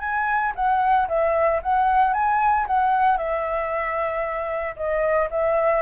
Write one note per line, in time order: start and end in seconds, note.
0.00 0.53 G#5
0.56 1.08 F#5
1.08 1.61 E5
1.62 2.14 F#5
2.14 2.66 G#5
2.67 3.17 F#5
3.17 4.75 E5
4.76 5.29 D#5
5.31 5.82 E5